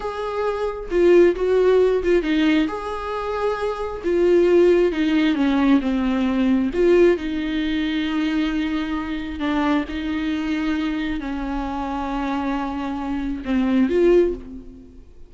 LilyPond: \new Staff \with { instrumentName = "viola" } { \time 4/4 \tempo 4 = 134 gis'2 f'4 fis'4~ | fis'8 f'8 dis'4 gis'2~ | gis'4 f'2 dis'4 | cis'4 c'2 f'4 |
dis'1~ | dis'4 d'4 dis'2~ | dis'4 cis'2.~ | cis'2 c'4 f'4 | }